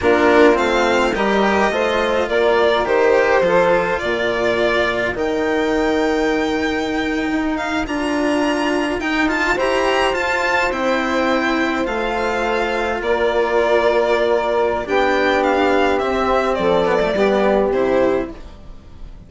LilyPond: <<
  \new Staff \with { instrumentName = "violin" } { \time 4/4 \tempo 4 = 105 ais'4 f''4 dis''2 | d''4 c''2 d''4~ | d''4 g''2.~ | g''4~ g''16 f''8 ais''2 g''16~ |
g''16 a''8 ais''4 a''4 g''4~ g''16~ | g''8. f''2 d''4~ d''16~ | d''2 g''4 f''4 | e''4 d''2 c''4 | }
  \new Staff \with { instrumentName = "saxophone" } { \time 4/4 f'2 ais'4 c''4 | ais'2 a'4 ais'4~ | ais'1~ | ais'1~ |
ais'8. c''2.~ c''16~ | c''2~ c''8. ais'4~ ais'16~ | ais'2 g'2~ | g'4 a'4 g'2 | }
  \new Staff \with { instrumentName = "cello" } { \time 4/4 d'4 c'4 g'4 f'4~ | f'4 g'4 f'2~ | f'4 dis'2.~ | dis'4.~ dis'16 f'2 dis'16~ |
dis'16 f'8 g'4 f'4 e'4~ e'16~ | e'8. f'2.~ f'16~ | f'2 d'2 | c'4. b16 a16 b4 e'4 | }
  \new Staff \with { instrumentName = "bassoon" } { \time 4/4 ais4 a4 g4 a4 | ais4 dis4 f4 ais,4~ | ais,4 dis2.~ | dis8. dis'4 d'2 dis'16~ |
dis'8. e'4 f'4 c'4~ c'16~ | c'8. a2 ais4~ ais16~ | ais2 b2 | c'4 f4 g4 c4 | }
>>